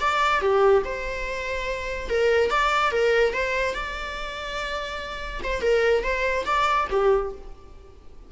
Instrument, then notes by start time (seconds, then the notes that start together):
viola
0.00 D5
0.41 G4
0.85 C5
2.09 A#4
2.50 D5
2.91 A#4
3.33 C5
3.74 D5
5.43 C5
5.61 A#4
6.03 C5
6.45 D5
6.90 G4